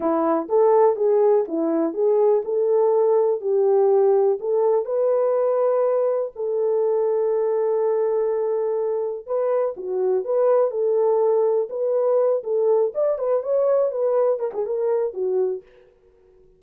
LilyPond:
\new Staff \with { instrumentName = "horn" } { \time 4/4 \tempo 4 = 123 e'4 a'4 gis'4 e'4 | gis'4 a'2 g'4~ | g'4 a'4 b'2~ | b'4 a'2.~ |
a'2. b'4 | fis'4 b'4 a'2 | b'4. a'4 d''8 b'8 cis''8~ | cis''8 b'4 ais'16 gis'16 ais'4 fis'4 | }